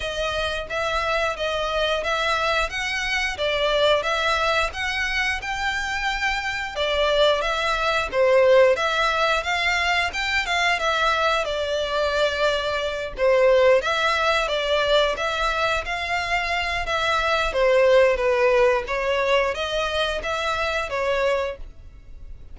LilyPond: \new Staff \with { instrumentName = "violin" } { \time 4/4 \tempo 4 = 89 dis''4 e''4 dis''4 e''4 | fis''4 d''4 e''4 fis''4 | g''2 d''4 e''4 | c''4 e''4 f''4 g''8 f''8 |
e''4 d''2~ d''8 c''8~ | c''8 e''4 d''4 e''4 f''8~ | f''4 e''4 c''4 b'4 | cis''4 dis''4 e''4 cis''4 | }